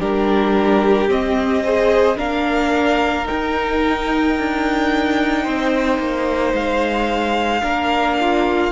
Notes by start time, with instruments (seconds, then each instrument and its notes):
0.00 cello G3, viola D4, violin G4 A#4
1.08 cello C4, viola C4, violin D#5
1.64 viola G#4, violin C5
2.16 cello A#3, viola D4, violin A#4 F5
3.25 viola D#4, violin G5
3.31 cello D#4
4.39 cello D4
5.44 cello C4, violin C5
5.99 cello A#3
6.53 cello G#3, violin F5
7.62 cello A#3, viola D4, violin A#4
8.21 violin F4